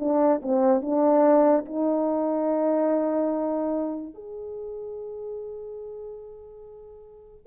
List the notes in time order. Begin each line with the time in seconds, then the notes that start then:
0.00 D4
0.43 C4
0.82 D4
1.66 D#4
4.15 G#4